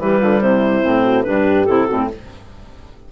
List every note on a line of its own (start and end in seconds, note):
0.00 0.21 E3
0.00 0.83 G3
0.00 0.21 G4
0.00 0.42 B4
0.21 0.41 D3
0.21 0.42 F4
0.41 0.83 C3
0.41 1.04 E4
0.41 1.24 C5
0.83 1.26 A2
0.83 1.25 C4
1.04 1.25 F#4
1.24 1.68 G2
1.24 1.67 D4
1.24 1.87 G4
1.24 1.66 B4
1.66 1.89 C3
1.66 1.88 E4
1.66 2.08 A4
1.87 2.12 A2
1.87 2.10 C4
1.87 1.98 F#4
1.98 2.09 E4